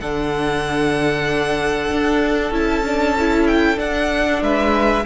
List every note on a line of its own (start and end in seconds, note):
0.00 1.90 D3
0.00 2.52 D4
0.00 4.42 A4
0.00 2.53 F#5
1.91 2.51 D4
2.51 3.77 C#4
2.51 2.83 E4
2.51 3.47 A5
2.85 3.16 D4
3.19 3.76 E4
3.47 3.79 G5
3.76 5.03 D4
3.76 4.42 D4
3.76 4.42 F#5
4.42 5.05 G#3
4.42 5.06 B4
4.42 5.06 E5